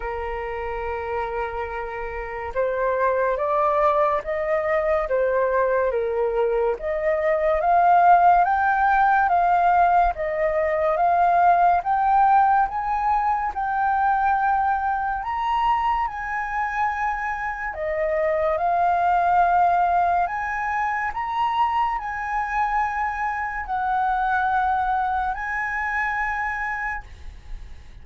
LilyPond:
\new Staff \with { instrumentName = "flute" } { \time 4/4 \tempo 4 = 71 ais'2. c''4 | d''4 dis''4 c''4 ais'4 | dis''4 f''4 g''4 f''4 | dis''4 f''4 g''4 gis''4 |
g''2 ais''4 gis''4~ | gis''4 dis''4 f''2 | gis''4 ais''4 gis''2 | fis''2 gis''2 | }